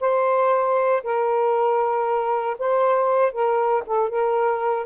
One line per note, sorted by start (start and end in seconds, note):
0.00 1.03 C5
1.03 2.57 A#4
2.58 3.32 C5
3.32 3.83 A#4
3.86 4.09 A4
4.09 4.86 A#4